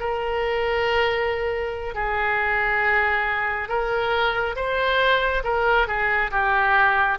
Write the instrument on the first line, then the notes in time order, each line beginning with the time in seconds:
oboe
0.00 A#4
1.95 G#4
3.69 A#4
4.57 C5
5.44 A#4
5.88 G#4
6.32 G4